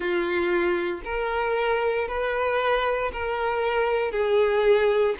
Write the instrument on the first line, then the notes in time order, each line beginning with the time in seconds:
violin
0.00 F4
1.04 A#4
2.08 B4
3.12 A#4
4.11 G#4